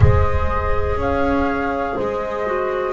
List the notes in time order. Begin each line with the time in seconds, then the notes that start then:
0.00 G#3 G#4 C5 D#5
0.95 C#4 C#5 F5
1.96 G#3 C5 D#5
2.46 F#4